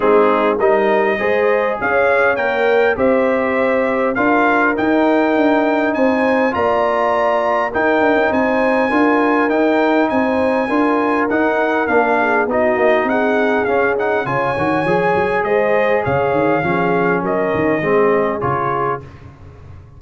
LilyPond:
<<
  \new Staff \with { instrumentName = "trumpet" } { \time 4/4 \tempo 4 = 101 gis'4 dis''2 f''4 | g''4 e''2 f''4 | g''2 gis''4 ais''4~ | ais''4 g''4 gis''2 |
g''4 gis''2 fis''4 | f''4 dis''4 fis''4 f''8 fis''8 | gis''2 dis''4 f''4~ | f''4 dis''2 cis''4 | }
  \new Staff \with { instrumentName = "horn" } { \time 4/4 dis'4 ais'4 c''4 cis''4~ | cis''4 c''2 ais'4~ | ais'2 c''4 d''4~ | d''4 ais'4 c''4 ais'4~ |
ais'4 c''4 ais'2~ | ais'8 gis'8 fis'4 gis'2 | cis''2 c''4 cis''4 | gis'4 ais'4 gis'2 | }
  \new Staff \with { instrumentName = "trombone" } { \time 4/4 c'4 dis'4 gis'2 | ais'4 g'2 f'4 | dis'2. f'4~ | f'4 dis'2 f'4 |
dis'2 f'4 dis'4 | d'4 dis'2 cis'8 dis'8 | f'8 fis'8 gis'2. | cis'2 c'4 f'4 | }
  \new Staff \with { instrumentName = "tuba" } { \time 4/4 gis4 g4 gis4 cis'4 | ais4 c'2 d'4 | dis'4 d'4 c'4 ais4~ | ais4 dis'8 d'16 cis'16 c'4 d'4 |
dis'4 c'4 d'4 dis'4 | ais4 b8 ais8 c'4 cis'4 | cis8 dis8 f8 fis8 gis4 cis8 dis8 | f4 fis8 dis8 gis4 cis4 | }
>>